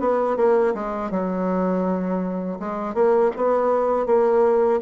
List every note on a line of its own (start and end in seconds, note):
0.00 0.37 B3
0.37 0.74 A#3
0.74 1.11 G#3
1.11 2.59 F#3
2.60 2.94 G#3
2.94 3.31 A#3
3.37 4.07 B3
4.07 4.81 A#3